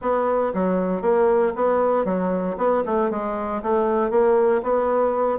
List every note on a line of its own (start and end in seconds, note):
0.01 0.53 B3
0.53 1.01 F#3
1.01 1.52 A#3
1.55 2.04 B3
2.04 2.56 F#3
2.57 2.83 B3
2.85 3.10 A3
3.10 3.62 G#3
3.62 4.10 A3
4.10 4.61 A#3
4.62 5.38 B3